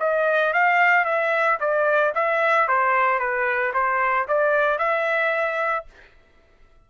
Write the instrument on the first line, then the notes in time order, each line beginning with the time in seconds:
trumpet
0.00 D#5
0.54 F5
1.05 E5
1.60 D5
2.15 E5
2.68 C5
3.20 B4
3.74 C5
4.28 D5
4.79 E5